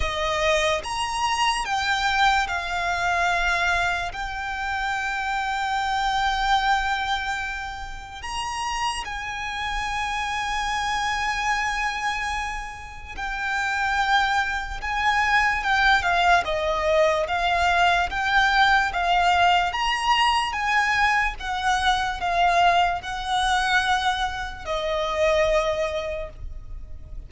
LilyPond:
\new Staff \with { instrumentName = "violin" } { \time 4/4 \tempo 4 = 73 dis''4 ais''4 g''4 f''4~ | f''4 g''2.~ | g''2 ais''4 gis''4~ | gis''1 |
g''2 gis''4 g''8 f''8 | dis''4 f''4 g''4 f''4 | ais''4 gis''4 fis''4 f''4 | fis''2 dis''2 | }